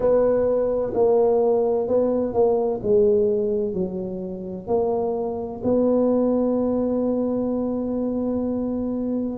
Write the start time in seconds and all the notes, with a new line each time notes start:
0.00 B3
0.94 A#3
1.87 B3
2.33 A#3
2.83 G#3
3.73 F#3
4.67 A#3
5.63 B3